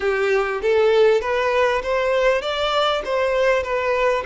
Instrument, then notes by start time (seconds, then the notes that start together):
violin
0.00 G4
0.61 A4
1.21 B4
1.83 C5
2.41 D5
3.04 C5
3.63 B4